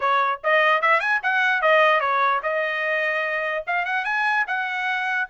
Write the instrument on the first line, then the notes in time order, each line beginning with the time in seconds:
trumpet
0.00 C#5
0.43 D#5
0.81 E5
1.00 G#5
1.22 F#5
1.61 D#5
2.00 C#5
2.42 D#5
3.66 F5
3.85 F#5
4.04 G#5
4.47 F#5